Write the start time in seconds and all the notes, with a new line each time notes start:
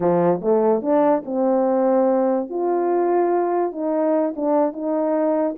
0.00 F3
0.41 A3
0.82 D4
1.25 C4
2.49 F4
3.71 D#4
4.36 D4
4.72 D#4